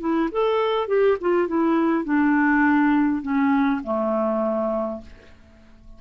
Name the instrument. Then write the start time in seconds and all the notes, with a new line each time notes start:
clarinet
0.00 E4
0.32 A4
0.88 G4
1.21 F4
1.48 E4
2.05 D4
3.22 C#4
3.84 A3